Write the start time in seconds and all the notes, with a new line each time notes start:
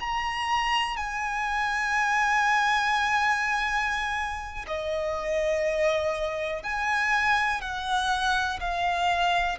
0.00 A#5
0.97 G#5
4.67 D#5
6.63 G#5
7.62 F#5
8.60 F5